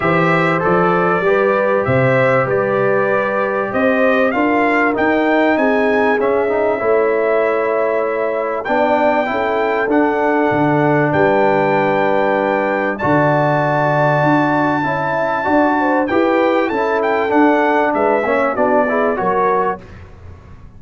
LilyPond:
<<
  \new Staff \with { instrumentName = "trumpet" } { \time 4/4 \tempo 4 = 97 e''4 d''2 e''4 | d''2 dis''4 f''4 | g''4 gis''4 e''2~ | e''2 g''2 |
fis''2 g''2~ | g''4 a''2.~ | a''2 g''4 a''8 g''8 | fis''4 e''4 d''4 cis''4 | }
  \new Staff \with { instrumentName = "horn" } { \time 4/4 c''2 b'4 c''4 | b'2 c''4 ais'4~ | ais'4 gis'2 cis''4~ | cis''2 d''4 a'4~ |
a'2 b'2~ | b'4 d''2. | e''4 d''8 c''8 b'4 a'4~ | a'4 b'8 cis''8 fis'8 gis'8 ais'4 | }
  \new Staff \with { instrumentName = "trombone" } { \time 4/4 g'4 a'4 g'2~ | g'2. f'4 | dis'2 cis'8 dis'8 e'4~ | e'2 d'4 e'4 |
d'1~ | d'4 fis'2. | e'4 fis'4 g'4 e'4 | d'4. cis'8 d'8 e'8 fis'4 | }
  \new Staff \with { instrumentName = "tuba" } { \time 4/4 e4 f4 g4 c4 | g2 c'4 d'4 | dis'4 c'4 cis'4 a4~ | a2 b4 cis'4 |
d'4 d4 g2~ | g4 d2 d'4 | cis'4 d'4 e'4 cis'4 | d'4 gis8 ais8 b4 fis4 | }
>>